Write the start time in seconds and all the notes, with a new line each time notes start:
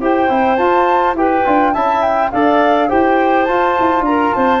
0.00 E4 G4 C5 G5
0.28 C4 E4
0.56 F4 A5
1.13 E4 G4 B4 G5
1.45 D4 F4
1.73 C#4 E4 E5 A5
2.01 G5
2.31 D4 A4 D5 F5
2.88 E4 G4 C5 G5
3.44 F4 A5
3.79 E4
4.00 D4 A#5
4.07 A#4
4.33 C4 C5 A5